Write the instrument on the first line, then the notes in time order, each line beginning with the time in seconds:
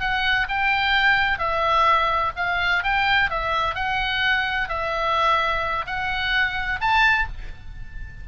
oboe
0.00 F#5
0.48 G5
1.38 E5
2.36 F5
2.83 G5
3.30 E5
3.75 F#5
4.68 E5
5.86 F#5
6.80 A5